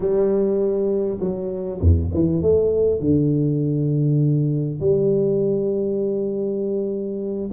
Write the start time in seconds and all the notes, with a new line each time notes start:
0.00 G3
1.19 F#3
1.80 E2
2.14 E3
2.42 A3
3.00 D3
4.79 G3